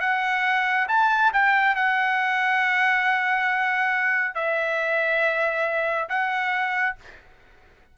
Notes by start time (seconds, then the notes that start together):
0.00 F#5
0.88 A5
1.33 G5
1.75 F#5
4.34 E5
6.09 F#5